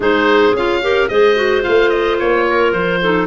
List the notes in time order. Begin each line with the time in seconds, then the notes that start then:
0.00 G#3 D#4 G#4 C5
0.53 C#4 F4 F5
0.82 G4 A#4
1.08 G#3 G#4 C5 D#5
1.35 F#4
1.62 A3 F4 F5
1.89 D#5
2.19 A#3 C#5
2.47 A#4
2.72 F3 C5
3.01 D#4 A4